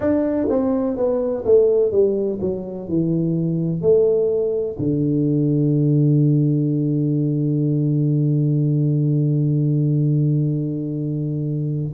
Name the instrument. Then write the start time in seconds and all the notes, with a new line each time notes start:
tuba
0.00 D4
0.49 C4
0.96 B3
1.45 A3
1.91 G3
2.40 F#3
2.88 E3
3.81 A3
4.79 D3